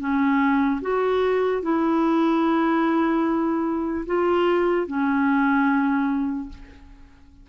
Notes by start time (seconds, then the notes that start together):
0.00 C#4
0.81 F#4
1.63 E4
4.07 F4
4.87 C#4